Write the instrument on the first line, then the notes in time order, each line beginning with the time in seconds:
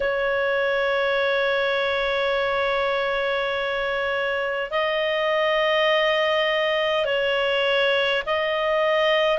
clarinet
0.00 C#5
4.71 D#5
7.05 C#5
8.26 D#5